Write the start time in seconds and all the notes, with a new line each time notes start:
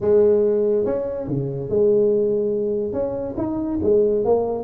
0.00 G#3
0.85 C#4
1.27 C#3
1.69 G#3
2.93 C#4
3.37 D#4
3.82 G#3
4.24 A#3